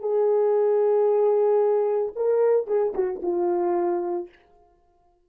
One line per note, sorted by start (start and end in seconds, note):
0.00 2.12 G#4
2.16 2.67 A#4
2.67 2.93 G#4
2.94 3.21 F#4
3.22 4.29 F4